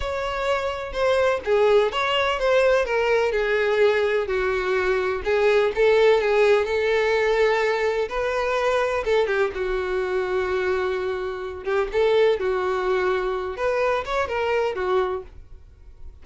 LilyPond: \new Staff \with { instrumentName = "violin" } { \time 4/4 \tempo 4 = 126 cis''2 c''4 gis'4 | cis''4 c''4 ais'4 gis'4~ | gis'4 fis'2 gis'4 | a'4 gis'4 a'2~ |
a'4 b'2 a'8 g'8 | fis'1~ | fis'8 g'8 a'4 fis'2~ | fis'8 b'4 cis''8 ais'4 fis'4 | }